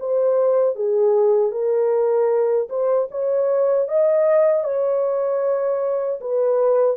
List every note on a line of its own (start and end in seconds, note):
0.00 0.76 C5
0.76 1.52 G#4
1.52 2.69 A#4
2.70 3.09 C5
3.12 3.89 C#5
3.89 4.64 D#5
4.64 6.20 C#5
6.21 6.98 B4